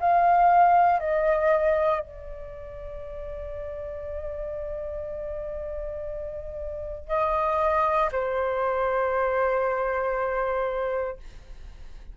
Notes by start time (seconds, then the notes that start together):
0.00 F5
1.00 D#5
2.01 D5
7.08 D#5
8.12 C5